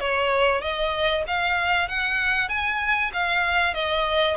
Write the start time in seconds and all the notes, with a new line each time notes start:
0.00 C#5
0.61 D#5
1.27 F5
1.89 F#5
2.49 G#5
3.13 F5
3.74 D#5